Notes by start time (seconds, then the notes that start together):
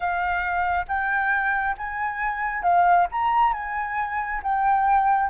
0.00 F5
0.87 G5
1.77 G#5
2.62 F5
3.11 A#5
3.53 G#5
4.42 G5